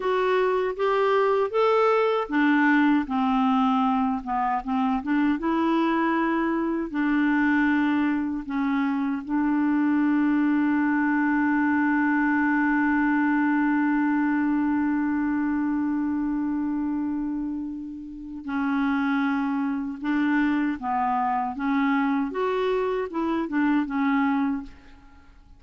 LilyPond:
\new Staff \with { instrumentName = "clarinet" } { \time 4/4 \tempo 4 = 78 fis'4 g'4 a'4 d'4 | c'4. b8 c'8 d'8 e'4~ | e'4 d'2 cis'4 | d'1~ |
d'1~ | d'1 | cis'2 d'4 b4 | cis'4 fis'4 e'8 d'8 cis'4 | }